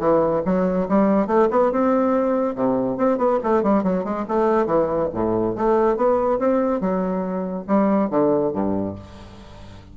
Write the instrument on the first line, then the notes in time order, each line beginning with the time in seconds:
bassoon
0.00 E3
0.46 F#3
0.89 G3
1.28 A3
1.51 B3
1.72 C4
2.56 C3
2.98 C4
3.18 B3
3.44 A3
3.63 G3
3.84 F#3
4.05 G#3
4.29 A3
4.67 E3
5.14 A2
5.56 A3
5.97 B3
6.39 C4
6.81 F#3
7.68 G3
8.11 D3
8.53 G2